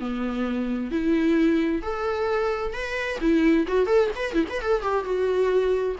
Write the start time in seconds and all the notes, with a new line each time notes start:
0.00 B3
0.91 E4
1.82 A4
2.74 B4
3.21 E4
3.68 F#4
3.87 A4
4.16 B4
4.34 E4
4.50 B4
4.62 A4
4.82 G4
5.05 F#4